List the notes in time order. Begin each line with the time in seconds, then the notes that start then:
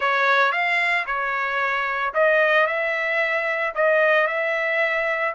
0.00 C#5
0.52 F5
1.06 C#5
2.14 D#5
2.66 E5
3.75 D#5
4.27 E5